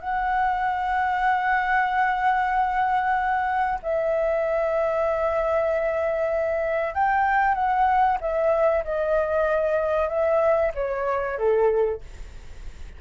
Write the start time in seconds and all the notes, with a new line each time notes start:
0.00 F#5
3.82 E5
6.94 G5
7.55 F#5
8.20 E5
8.84 D#5
10.08 E5
10.75 C#5
11.38 A4